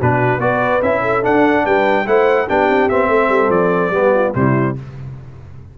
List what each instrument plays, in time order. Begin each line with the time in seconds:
0.00 tuba B2, trombone D4, horn F#4, trumpet B4
0.38 tuba B3, trombone F#4, horn B4, trumpet D5
0.82 tuba C#4, trombone E4, trumpet E5
1.02 horn A4
1.23 trombone D4, tuba D4, trumpet F#5
1.64 tuba G3, horn B4, trumpet G5
2.06 tuba A3, trombone E4, horn C5, trumpet F#5
2.47 tuba B3, trombone D4, horn G4, trumpet G5
2.69 tuba C4
2.89 tuba B3, trombone C4, trumpet E5
3.08 tuba A3, horn A4
3.29 tuba G3
3.49 tuba F3, trumpet D5
3.91 tuba G3, trombone B3, horn G4
4.15 horn F4
4.34 tuba C3, trombone G3, horn E4, trumpet C5